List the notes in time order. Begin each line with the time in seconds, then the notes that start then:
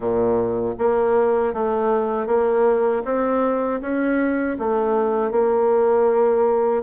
0.00 A#2
0.78 A#3
1.53 A3
2.26 A#3
3.04 C4
3.81 C#4
4.58 A3
5.31 A#3